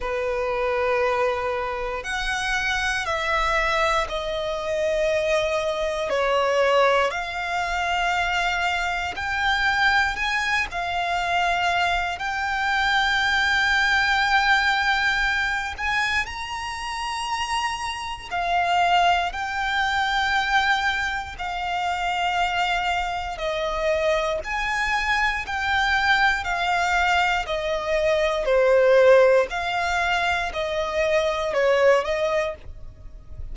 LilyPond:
\new Staff \with { instrumentName = "violin" } { \time 4/4 \tempo 4 = 59 b'2 fis''4 e''4 | dis''2 cis''4 f''4~ | f''4 g''4 gis''8 f''4. | g''2.~ g''8 gis''8 |
ais''2 f''4 g''4~ | g''4 f''2 dis''4 | gis''4 g''4 f''4 dis''4 | c''4 f''4 dis''4 cis''8 dis''8 | }